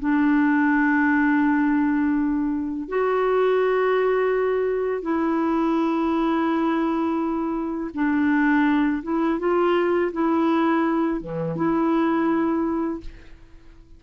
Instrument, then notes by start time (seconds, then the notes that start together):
clarinet
0.00 D4
2.89 F#4
5.02 E4
7.94 D4
9.03 E4
9.39 F4
10.13 E4
11.21 E3
11.56 E4